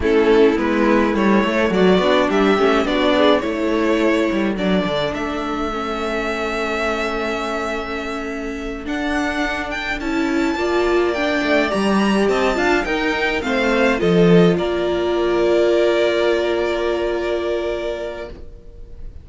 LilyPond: <<
  \new Staff \with { instrumentName = "violin" } { \time 4/4 \tempo 4 = 105 a'4 b'4 cis''4 d''4 | e''4 d''4 cis''2 | d''4 e''2.~ | e''2.~ e''8 fis''8~ |
fis''4 g''8 a''2 g''8~ | g''8 ais''4 a''4 g''4 f''8~ | f''8 dis''4 d''2~ d''8~ | d''1 | }
  \new Staff \with { instrumentName = "violin" } { \time 4/4 e'2. fis'4 | g'4 fis'8 gis'8 a'2~ | a'1~ | a'1~ |
a'2~ a'8 d''4.~ | d''4. dis''8 f''8 ais'4 c''8~ | c''8 a'4 ais'2~ ais'8~ | ais'1 | }
  \new Staff \with { instrumentName = "viola" } { \time 4/4 cis'4 b4 a4. d'8~ | d'8 cis'8 d'4 e'2 | d'2 cis'2~ | cis'2.~ cis'8 d'8~ |
d'4. e'4 f'4 d'8~ | d'8 g'4. f'8 dis'4 c'8~ | c'8 f'2.~ f'8~ | f'1 | }
  \new Staff \with { instrumentName = "cello" } { \time 4/4 a4 gis4 g8 a8 fis8 b8 | g8 a8 b4 a4. g8 | fis8 d8 a2.~ | a2.~ a8 d'8~ |
d'4. cis'4 ais4. | a8 g4 c'8 d'8 dis'4 a8~ | a8 f4 ais2~ ais8~ | ais1 | }
>>